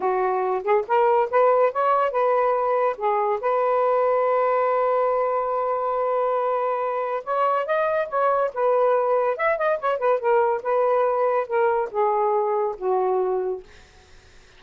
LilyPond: \new Staff \with { instrumentName = "saxophone" } { \time 4/4 \tempo 4 = 141 fis'4. gis'8 ais'4 b'4 | cis''4 b'2 gis'4 | b'1~ | b'1~ |
b'4 cis''4 dis''4 cis''4 | b'2 e''8 dis''8 cis''8 b'8 | ais'4 b'2 ais'4 | gis'2 fis'2 | }